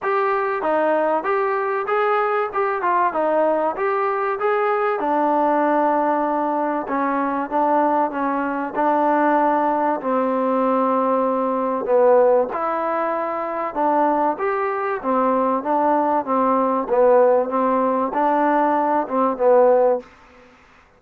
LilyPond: \new Staff \with { instrumentName = "trombone" } { \time 4/4 \tempo 4 = 96 g'4 dis'4 g'4 gis'4 | g'8 f'8 dis'4 g'4 gis'4 | d'2. cis'4 | d'4 cis'4 d'2 |
c'2. b4 | e'2 d'4 g'4 | c'4 d'4 c'4 b4 | c'4 d'4. c'8 b4 | }